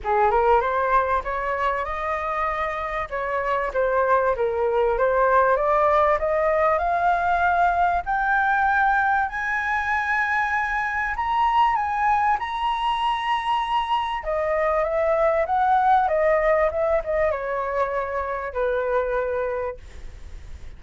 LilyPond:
\new Staff \with { instrumentName = "flute" } { \time 4/4 \tempo 4 = 97 gis'8 ais'8 c''4 cis''4 dis''4~ | dis''4 cis''4 c''4 ais'4 | c''4 d''4 dis''4 f''4~ | f''4 g''2 gis''4~ |
gis''2 ais''4 gis''4 | ais''2. dis''4 | e''4 fis''4 dis''4 e''8 dis''8 | cis''2 b'2 | }